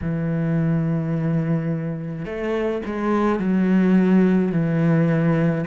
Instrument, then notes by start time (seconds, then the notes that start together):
cello
0.01 E3
2.25 A3
2.85 G#3
3.39 F#3
4.52 E3